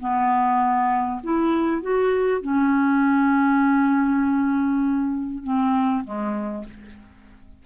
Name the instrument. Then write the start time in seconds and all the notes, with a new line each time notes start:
clarinet
0.00 B3
1.23 E4
1.82 F#4
2.42 C#4
5.44 C4
6.04 G#3